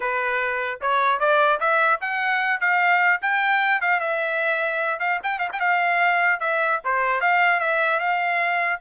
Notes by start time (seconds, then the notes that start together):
0.00 B4
0.81 C#5
1.19 D5
1.59 E5
2.00 F#5
2.60 F5
3.21 G5
3.81 F5
4.00 E5
4.99 F5
5.23 G5
5.38 F5
5.52 G5
5.59 F5
6.39 E5
6.84 C5
7.21 F5
7.59 E5
7.99 F5